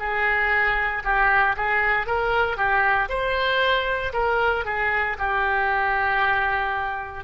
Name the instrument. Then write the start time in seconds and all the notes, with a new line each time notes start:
oboe
0.00 G#4
1.04 G4
1.57 G#4
2.07 A#4
2.57 G4
3.09 C5
4.14 A#4
4.66 G#4
5.19 G4